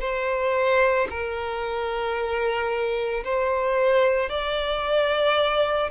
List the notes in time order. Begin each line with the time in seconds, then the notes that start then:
0.00 C5
1.09 A#4
3.24 C5
4.29 D5